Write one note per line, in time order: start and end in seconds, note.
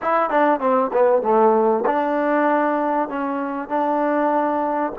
0.01 0.30 E4
0.30 0.60 D4
0.60 0.91 C4
0.93 1.22 B3
1.22 1.84 A3
1.86 3.08 D4
3.08 3.68 C#4
3.68 4.92 D4